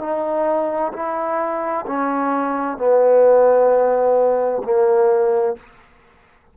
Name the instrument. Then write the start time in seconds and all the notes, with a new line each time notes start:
trombone
0.00 D#4
0.93 E4
1.87 C#4
2.78 B3
4.64 A#3